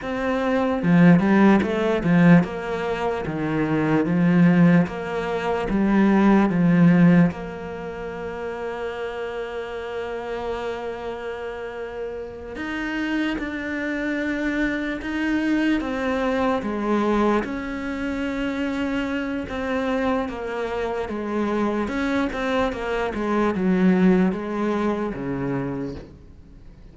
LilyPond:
\new Staff \with { instrumentName = "cello" } { \time 4/4 \tempo 4 = 74 c'4 f8 g8 a8 f8 ais4 | dis4 f4 ais4 g4 | f4 ais2.~ | ais2.~ ais8 dis'8~ |
dis'8 d'2 dis'4 c'8~ | c'8 gis4 cis'2~ cis'8 | c'4 ais4 gis4 cis'8 c'8 | ais8 gis8 fis4 gis4 cis4 | }